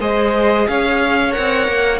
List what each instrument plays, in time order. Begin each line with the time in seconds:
0.00 cello G#3, viola G#4, violin C5 D#5
0.68 cello C#4, violin C#5 F5
1.31 viola A#4, violin F#5
1.38 cello C4
1.68 cello A#3